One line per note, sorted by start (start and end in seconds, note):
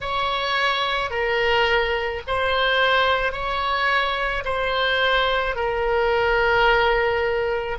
0.01 1.10 C#5
1.10 2.21 A#4
2.27 3.32 C5
3.32 4.43 C#5
4.44 5.56 C5
5.56 7.78 A#4